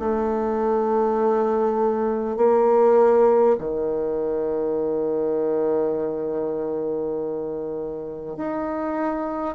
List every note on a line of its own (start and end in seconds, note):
0.00 2.37 A3
2.37 3.57 A#3
3.58 8.37 D#3
8.37 9.56 D#4